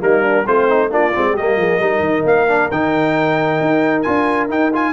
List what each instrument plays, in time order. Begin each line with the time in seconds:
0.00 tuba G3, trombone A#3, horn D#4, trumpet A#4
0.23 horn D4
0.46 tuba A3, horn C4, trombone F4, trumpet C5
0.69 trombone D#4
0.90 tuba A#3, trombone D4, horn F4, trumpet D5
1.15 tuba G#3, trombone C4
1.32 tuba G3, horn G4, trumpet D#5
1.39 trombone A#3
1.57 tuba F3, horn G#4
1.79 tuba G3, trombone D#4, horn A#4
2.00 tuba D#3
2.25 tuba A#3, trumpet F5
2.48 trombone D4
2.71 tuba D#3, trombone D#4, trumpet G5
3.61 tuba D#4
4.03 tuba D4, trombone F4, trumpet G#5
4.50 tuba D#4, trombone D#4, trumpet G5
4.73 trombone F4, trumpet G#5